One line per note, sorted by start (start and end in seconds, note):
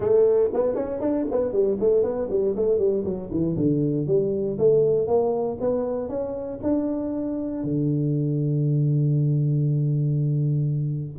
0.00 0.50 A3
0.53 0.75 B3
0.75 1.00 C#4
1.00 1.26 D4
1.30 1.52 B3
1.52 1.77 G3
1.80 2.03 A3
2.03 2.28 B3
2.30 2.55 G3
2.56 2.78 A3
2.78 3.04 G3
3.04 3.30 F#3
3.30 3.56 E3
3.56 4.07 D3
4.07 4.57 G3
4.58 5.07 A3
5.07 5.58 A#3
5.60 6.09 B3
6.09 6.59 C#4
6.62 7.63 D4
7.63 11.18 D3